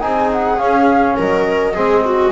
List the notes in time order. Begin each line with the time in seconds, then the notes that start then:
0.00 C4 D#4 G#4 G#5
0.32 F#5
0.59 C#4 F5
1.16 F#3 A#4 D#5
1.74 G#3 C4 G#4
2.05 F#4